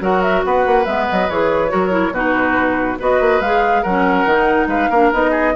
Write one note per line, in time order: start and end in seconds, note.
0.00 0.43 F#3
0.00 0.85 F#4
0.00 0.45 A#4
0.00 0.22 F#5
0.22 0.43 E5
0.44 0.66 B3
0.44 1.71 B4
0.44 0.85 F#5
0.66 0.86 A#3
0.85 1.07 G#3
0.85 1.29 B3
0.85 1.06 E5
1.09 1.29 F#3
1.09 1.30 D#5
1.29 1.72 E3
1.29 1.69 G#4
1.29 2.13 C#5
1.69 2.10 F#3
1.69 1.90 F#4
1.69 2.13 A#4
1.90 2.11 E4
2.10 2.95 B2
2.10 2.99 D#4
2.10 2.98 F#4
2.10 2.99 B4
2.99 3.20 B3
2.99 3.41 F#4
2.99 3.82 B4
2.99 3.41 D#5
3.20 3.40 A#3
3.40 3.83 G#3
3.40 3.86 G#4
3.40 3.82 F5
3.82 4.25 F#3
3.82 4.29 C#4
3.82 4.67 A#4
3.82 4.67 F#5
4.25 4.66 D#3
4.25 4.92 D#4
4.66 4.88 G#3
4.66 4.89 B4
4.66 5.11 F5
4.89 5.12 A#3
4.89 5.12 D4
4.89 5.30 A#4
5.12 5.55 B3
5.12 5.55 D#4
5.12 5.55 D#5
5.30 5.52 G#4